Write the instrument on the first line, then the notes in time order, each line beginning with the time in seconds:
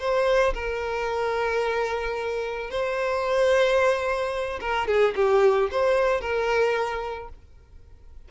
violin
0.00 C5
0.55 A#4
2.71 C5
4.61 A#4
4.87 G#4
5.16 G4
5.71 C5
6.21 A#4